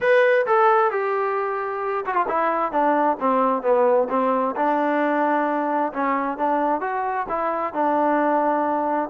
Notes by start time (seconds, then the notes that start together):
0.00 B4
0.46 A4
0.91 G4
2.06 F#4
2.14 F4
2.28 E4
2.71 D4
3.20 C4
3.62 B3
4.09 C4
4.56 D4
5.92 C#4
6.37 D4
6.81 F#4
7.28 E4
7.73 D4